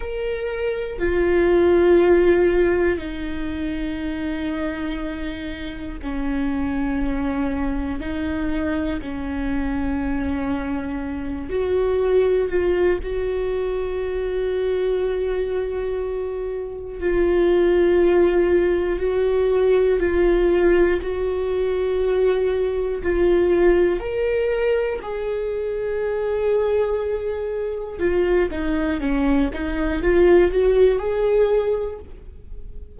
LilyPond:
\new Staff \with { instrumentName = "viola" } { \time 4/4 \tempo 4 = 60 ais'4 f'2 dis'4~ | dis'2 cis'2 | dis'4 cis'2~ cis'8 fis'8~ | fis'8 f'8 fis'2.~ |
fis'4 f'2 fis'4 | f'4 fis'2 f'4 | ais'4 gis'2. | f'8 dis'8 cis'8 dis'8 f'8 fis'8 gis'4 | }